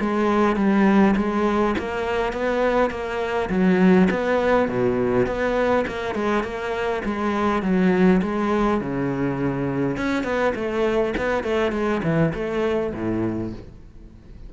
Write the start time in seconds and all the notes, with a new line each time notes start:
0.00 G#3
0.56 G3
1.16 G#3
1.78 A#3
2.32 B3
2.90 A#3
3.49 F#3
4.10 B3
4.68 B2
5.26 B3
5.87 A#3
6.15 G#3
6.43 A#3
7.05 G#3
7.62 F#3
8.22 G#3
8.81 C#3
9.97 C#4
10.24 B3
10.55 A3
11.17 B3
11.43 A3
11.72 G#3
12.03 E3
12.34 A3
12.94 A2